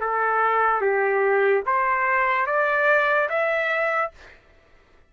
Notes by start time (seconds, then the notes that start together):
0.00 A4
0.81 G4
1.66 C5
2.46 D5
3.29 E5